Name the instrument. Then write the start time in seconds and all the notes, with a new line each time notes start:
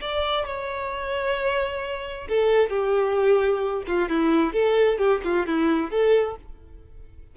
violin
0.00 D5
0.45 C#5
2.28 A4
2.70 G4
3.87 F4
4.08 E4
4.52 A4
4.98 G4
5.24 F4
5.46 E4
5.90 A4